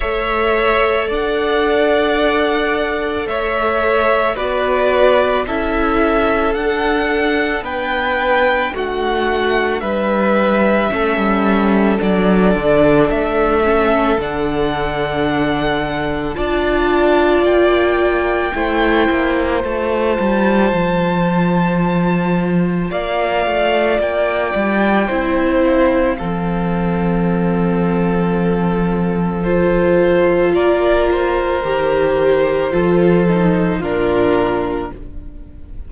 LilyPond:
<<
  \new Staff \with { instrumentName = "violin" } { \time 4/4 \tempo 4 = 55 e''4 fis''2 e''4 | d''4 e''4 fis''4 g''4 | fis''4 e''2 d''4 | e''4 fis''2 a''4 |
g''2 a''2~ | a''4 f''4 g''4. f''8~ | f''2. c''4 | d''8 c''2~ c''8 ais'4 | }
  \new Staff \with { instrumentName = "violin" } { \time 4/4 cis''4 d''2 cis''4 | b'4 a'2 b'4 | fis'4 b'4 a'2~ | a'2. d''4~ |
d''4 c''2.~ | c''4 d''2 c''4 | a'1 | ais'2 a'4 f'4 | }
  \new Staff \with { instrumentName = "viola" } { \time 4/4 a'1 | fis'4 e'4 d'2~ | d'2 cis'4 d'4~ | d'8 cis'8 d'2 f'4~ |
f'4 e'4 f'2~ | f'2. e'4 | c'2. f'4~ | f'4 g'4 f'8 dis'8 d'4 | }
  \new Staff \with { instrumentName = "cello" } { \time 4/4 a4 d'2 a4 | b4 cis'4 d'4 b4 | a4 g4 a16 g8. fis8 d8 | a4 d2 d'4 |
ais4 a8 ais8 a8 g8 f4~ | f4 ais8 a8 ais8 g8 c'4 | f1 | ais4 dis4 f4 ais,4 | }
>>